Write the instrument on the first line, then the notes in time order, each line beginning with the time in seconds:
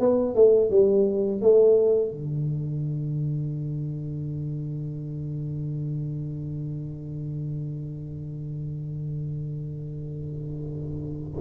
tuba
0.00 B3
0.35 A3
0.70 G3
1.42 A3
2.12 D3